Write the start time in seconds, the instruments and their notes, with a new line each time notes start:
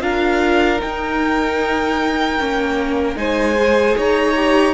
0.00 cello D4, viola F4, violin A#4 F5
0.78 viola D#4, cello D#4, violin G5
2.39 cello A#3, viola C#4
3.15 cello G#3, viola D#4, violin C5 G#5
3.56 viola G#4
3.97 cello D#4, violin C#5 A#5
4.35 viola G4